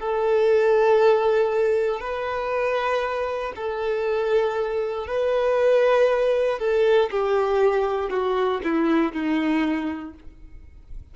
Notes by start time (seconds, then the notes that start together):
0.00 A4
2.01 B4
3.56 A4
5.08 B4
6.59 A4
7.11 G4
8.10 F#4
8.64 E4
9.13 D#4